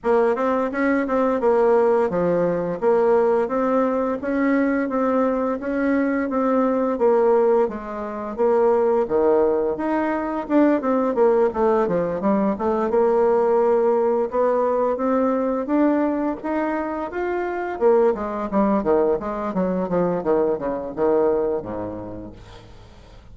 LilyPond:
\new Staff \with { instrumentName = "bassoon" } { \time 4/4 \tempo 4 = 86 ais8 c'8 cis'8 c'8 ais4 f4 | ais4 c'4 cis'4 c'4 | cis'4 c'4 ais4 gis4 | ais4 dis4 dis'4 d'8 c'8 |
ais8 a8 f8 g8 a8 ais4.~ | ais8 b4 c'4 d'4 dis'8~ | dis'8 f'4 ais8 gis8 g8 dis8 gis8 | fis8 f8 dis8 cis8 dis4 gis,4 | }